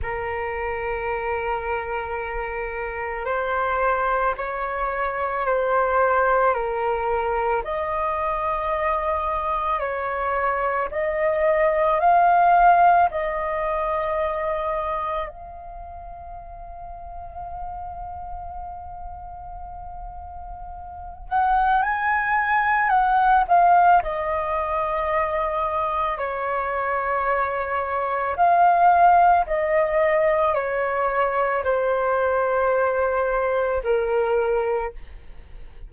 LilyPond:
\new Staff \with { instrumentName = "flute" } { \time 4/4 \tempo 4 = 55 ais'2. c''4 | cis''4 c''4 ais'4 dis''4~ | dis''4 cis''4 dis''4 f''4 | dis''2 f''2~ |
f''2.~ f''8 fis''8 | gis''4 fis''8 f''8 dis''2 | cis''2 f''4 dis''4 | cis''4 c''2 ais'4 | }